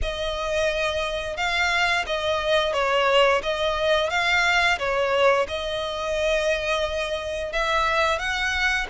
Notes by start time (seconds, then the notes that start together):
0.02 D#5
1.36 F5
2.06 D#5
2.73 C#5
3.42 D#5
4.10 F5
4.78 C#5
5.48 D#5
7.52 E5
8.18 F#5